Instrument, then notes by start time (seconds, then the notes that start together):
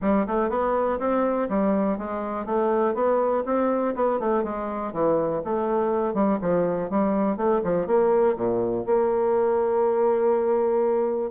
bassoon
0.01 G3
0.26 A3
0.49 B3
0.99 C4
1.49 G3
1.98 G#3
2.45 A3
2.94 B3
3.45 C4
3.95 B3
4.19 A3
4.43 G#3
4.92 E3
5.44 A3
6.14 G3
6.41 F3
6.90 G3
7.36 A3
7.64 F3
7.87 A#3
8.36 A#2
8.86 A#3